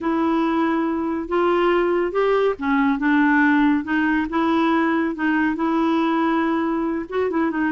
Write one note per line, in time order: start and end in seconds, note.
0.00 1.28 E4
1.28 2.12 F4
2.12 2.54 G4
2.58 2.98 C#4
2.98 3.84 D4
3.84 4.26 D#4
4.29 5.15 E4
5.15 5.55 D#4
5.55 7.05 E4
7.09 7.30 F#4
7.30 7.50 E4
7.50 7.71 D#4